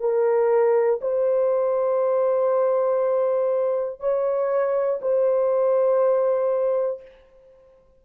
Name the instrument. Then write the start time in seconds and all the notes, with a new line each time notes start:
horn
0.00 A#4
1.01 C5
4.00 C#5
5.01 C5